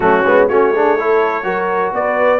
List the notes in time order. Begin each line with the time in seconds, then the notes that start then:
0.00 F#3 A3 C#4 F#4
0.25 G#3 B3
0.48 A3 C#4 F#4 C#5
0.72 D4 G#4
0.97 E4 A4
1.43 F#3 F#4 A#4
1.92 B3 B4 D5